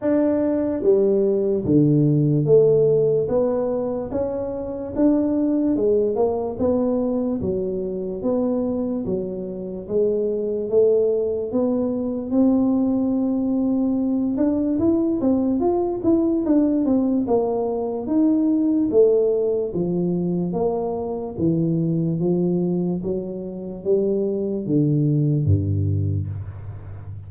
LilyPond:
\new Staff \with { instrumentName = "tuba" } { \time 4/4 \tempo 4 = 73 d'4 g4 d4 a4 | b4 cis'4 d'4 gis8 ais8 | b4 fis4 b4 fis4 | gis4 a4 b4 c'4~ |
c'4. d'8 e'8 c'8 f'8 e'8 | d'8 c'8 ais4 dis'4 a4 | f4 ais4 e4 f4 | fis4 g4 d4 g,4 | }